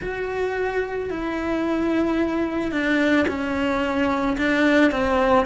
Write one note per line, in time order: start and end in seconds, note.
0.01 1.10 F#4
1.10 2.71 E4
2.71 3.26 D4
3.27 4.36 C#4
4.37 4.91 D4
4.91 5.45 C4